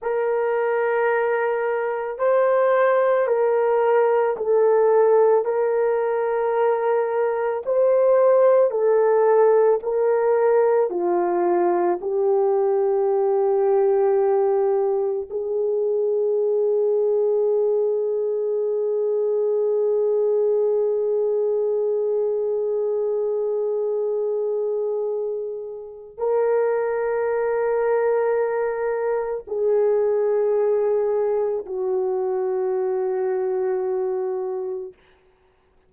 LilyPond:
\new Staff \with { instrumentName = "horn" } { \time 4/4 \tempo 4 = 55 ais'2 c''4 ais'4 | a'4 ais'2 c''4 | a'4 ais'4 f'4 g'4~ | g'2 gis'2~ |
gis'1~ | gis'1 | ais'2. gis'4~ | gis'4 fis'2. | }